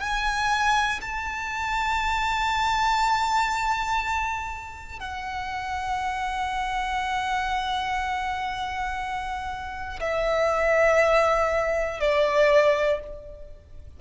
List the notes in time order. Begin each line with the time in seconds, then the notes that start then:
0.00 G#5
1.01 A5
5.00 F#5
10.00 E5
12.00 D5